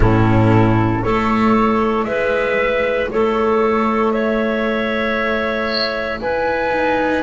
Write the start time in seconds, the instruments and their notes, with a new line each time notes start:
0.00 double bass A2, cello C#4, clarinet E4, flute A4
1.03 double bass A3, cello E4, clarinet A4, flute C#5
2.04 double bass G#3, clarinet B4, flute E5
3.11 double bass A3, clarinet A4, flute C#5
4.11 clarinet C#5, flute E5
6.20 double bass E4, clarinet B4, flute G#5
6.72 cello D#4